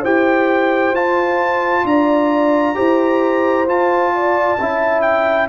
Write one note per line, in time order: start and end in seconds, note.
0.00 0.92 E4
0.00 0.94 G4
0.00 1.82 C5
0.00 0.95 G5
0.92 1.83 F4
0.92 2.74 F4
0.92 1.86 A5
1.84 2.74 D4
1.84 2.76 D5
1.84 3.68 A#5
2.74 3.67 E4
2.74 3.65 G4
2.74 4.12 C5
3.66 4.57 F4
3.66 4.58 F4
3.66 5.01 A5
4.14 4.59 D5
4.59 5.48 C#4
4.59 5.48 E4
4.59 5.48 E5
5.01 5.47 G5